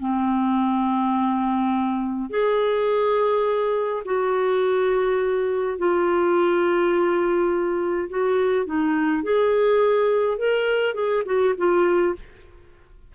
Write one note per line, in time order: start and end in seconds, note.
0.00 2.30 C4
2.30 4.03 G#4
4.05 5.78 F#4
5.78 8.09 F4
8.10 8.66 F#4
8.66 9.23 D#4
9.23 10.38 G#4
10.38 10.94 A#4
10.94 11.23 G#4
11.26 11.55 F#4
11.58 12.15 F4